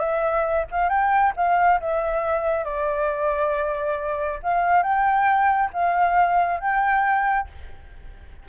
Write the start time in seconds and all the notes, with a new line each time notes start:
0.00 E5
0.71 F5
0.90 G5
1.37 F5
1.81 E5
2.65 D5
4.43 F5
4.83 G5
5.74 F5
6.61 G5